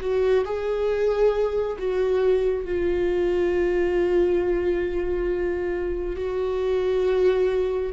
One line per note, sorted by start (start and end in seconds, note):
0.00 0.44 F#4
0.45 1.77 G#4
1.78 2.64 F#4
2.64 6.16 F4
6.16 7.92 F#4